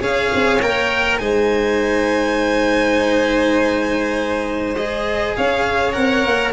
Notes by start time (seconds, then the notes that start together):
0.00 C#4 G#4 C#5 F5
0.34 C4
0.61 A#3 A#4 G5
1.18 G#3 D#4 C5 G#5
4.76 G#4 D#5
5.36 C#4 C#5 F5
5.92 C4 A#4 F#5
6.25 A#3